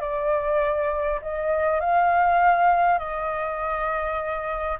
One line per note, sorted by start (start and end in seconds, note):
0.00 1.20 D5
1.22 1.80 D#5
1.80 2.98 F5
2.98 4.78 D#5